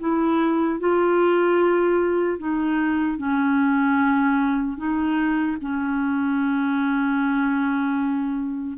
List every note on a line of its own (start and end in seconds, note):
0.00 0.80 E4
0.80 2.39 F4
2.39 3.18 D#4
3.18 4.77 C#4
4.77 5.57 D#4
5.62 8.78 C#4